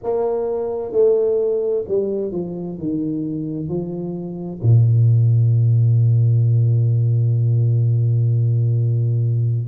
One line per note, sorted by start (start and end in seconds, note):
0.03 0.91 A#3
0.91 1.84 A3
1.87 2.31 G3
2.31 2.77 F3
2.77 3.68 D#3
3.68 4.60 F3
4.62 9.68 A#2